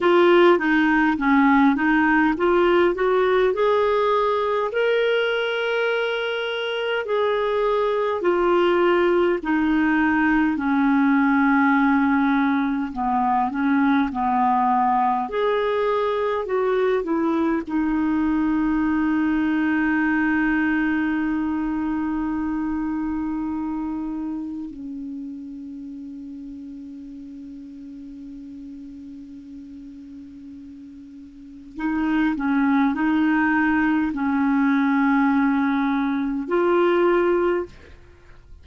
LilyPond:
\new Staff \with { instrumentName = "clarinet" } { \time 4/4 \tempo 4 = 51 f'8 dis'8 cis'8 dis'8 f'8 fis'8 gis'4 | ais'2 gis'4 f'4 | dis'4 cis'2 b8 cis'8 | b4 gis'4 fis'8 e'8 dis'4~ |
dis'1~ | dis'4 cis'2.~ | cis'2. dis'8 cis'8 | dis'4 cis'2 f'4 | }